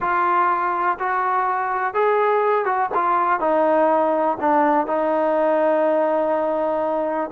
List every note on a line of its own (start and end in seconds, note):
0.00 0.98 F4
0.99 1.94 F#4
1.94 2.65 G#4
2.65 2.89 F#4
2.94 3.40 F4
3.40 4.37 D#4
4.40 4.86 D4
4.86 7.30 D#4